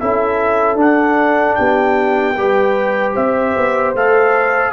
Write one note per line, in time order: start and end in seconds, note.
0.00 0.75 C#4
0.00 0.77 E4
0.00 1.58 A4
0.00 0.79 E5
0.75 1.54 D4
0.75 2.35 D4
0.75 1.55 F#5
1.55 2.37 B3
1.55 2.37 G4
1.55 3.13 G5
2.37 3.16 G3
2.37 3.96 G4
2.37 3.14 B4
3.14 3.56 C4
3.14 4.72 C5
3.14 3.95 E5
3.56 3.95 B3
3.95 4.73 A3
3.95 4.73 A4
3.95 4.73 F5